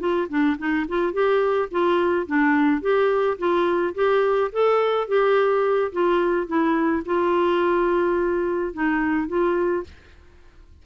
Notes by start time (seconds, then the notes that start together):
0.00 F4
0.29 D4
0.59 D#4
0.88 F4
1.13 G4
1.71 F4
2.27 D4
2.82 G4
3.38 F4
3.95 G4
4.52 A4
5.08 G4
5.92 F4
6.47 E4
7.06 F4
8.73 D#4
9.28 F4